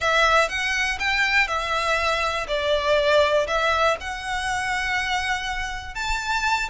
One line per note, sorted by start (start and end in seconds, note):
0.00 0.48 E5
0.48 0.98 F#5
0.99 1.47 G5
1.47 2.47 E5
2.47 3.46 D5
3.47 3.96 E5
4.00 5.95 F#5
5.95 6.69 A5